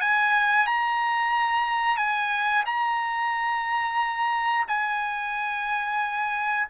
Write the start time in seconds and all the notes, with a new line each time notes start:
0.00 G#5
0.66 A#5
1.97 G#5
2.65 A#5
4.68 G#5